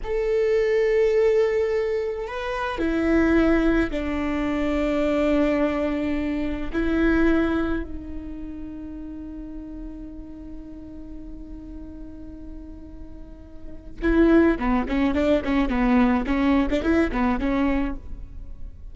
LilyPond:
\new Staff \with { instrumentName = "viola" } { \time 4/4 \tempo 4 = 107 a'1 | b'4 e'2 d'4~ | d'1 | e'2 dis'2~ |
dis'1~ | dis'1~ | dis'4 e'4 b8 cis'8 d'8 cis'8 | b4 cis'8. d'16 e'8 b8 cis'4 | }